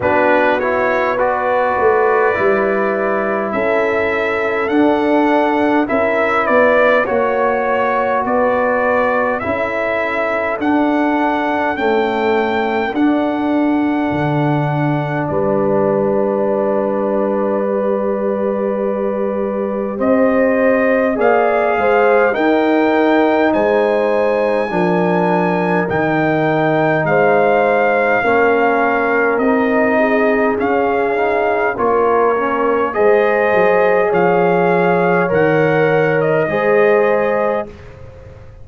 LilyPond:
<<
  \new Staff \with { instrumentName = "trumpet" } { \time 4/4 \tempo 4 = 51 b'8 cis''8 d''2 e''4 | fis''4 e''8 d''8 cis''4 d''4 | e''4 fis''4 g''4 fis''4~ | fis''4 d''2.~ |
d''4 dis''4 f''4 g''4 | gis''2 g''4 f''4~ | f''4 dis''4 f''4 cis''4 | dis''4 f''4 fis''8. dis''4~ dis''16 | }
  \new Staff \with { instrumentName = "horn" } { \time 4/4 fis'4 b'2 a'4~ | a'4 ais'8 b'8 cis''4 b'4 | a'1~ | a'4 b'2.~ |
b'4 c''4 d''8 c''8 ais'4 | c''4 ais'2 c''4 | ais'4. gis'4. ais'4 | c''4 cis''2 c''4 | }
  \new Staff \with { instrumentName = "trombone" } { \time 4/4 d'8 e'8 fis'4 e'2 | d'4 e'4 fis'2 | e'4 d'4 a4 d'4~ | d'2. g'4~ |
g'2 gis'4 dis'4~ | dis'4 d'4 dis'2 | cis'4 dis'4 cis'8 dis'8 f'8 cis'8 | gis'2 ais'4 gis'4 | }
  \new Staff \with { instrumentName = "tuba" } { \time 4/4 b4. a8 g4 cis'4 | d'4 cis'8 b8 ais4 b4 | cis'4 d'4 cis'4 d'4 | d4 g2.~ |
g4 c'4 ais8 gis8 dis'4 | gis4 f4 dis4 gis4 | ais4 c'4 cis'4 ais4 | gis8 fis8 f4 dis4 gis4 | }
>>